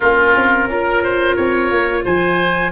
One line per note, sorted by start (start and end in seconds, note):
0.00 0.35 A#3
0.00 0.69 C#4
0.00 0.68 F4
0.00 2.03 A#4
0.35 0.67 C4
0.67 1.35 C#4
0.67 2.71 F4
0.67 1.03 A#4
1.03 1.36 C5
1.36 1.70 C4
1.36 2.04 C#5
1.70 2.04 A#3
2.04 2.71 F3
2.04 2.71 C5
2.04 2.71 G#5